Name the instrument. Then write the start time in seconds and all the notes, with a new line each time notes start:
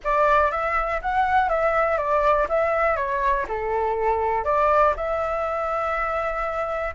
flute
0.04 D5
0.51 E5
1.01 F#5
1.49 E5
1.97 D5
2.48 E5
2.96 C#5
3.48 A4
4.44 D5
4.96 E5